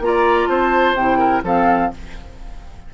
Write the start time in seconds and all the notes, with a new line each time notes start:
0.00 A#3 F4 A#5
0.07 D5
0.47 C4 C5 A5
0.94 C3 E4 G5
1.18 A#4
1.43 F3 C4 A4 F5